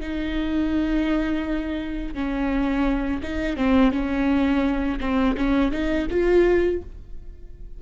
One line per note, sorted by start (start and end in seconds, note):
0.00 2.14 D#4
2.14 3.21 C#4
3.22 3.56 D#4
3.56 3.92 C4
3.92 4.99 C#4
5.00 5.36 C4
5.37 5.71 C#4
5.71 6.07 D#4
6.10 6.81 F4